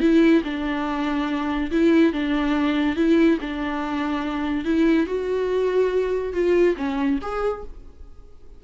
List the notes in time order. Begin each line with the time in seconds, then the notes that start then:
0.00 E4
0.44 D4
1.71 E4
2.13 D4
2.96 E4
3.41 D4
4.65 E4
5.06 F#4
6.33 F4
6.77 C#4
7.21 G#4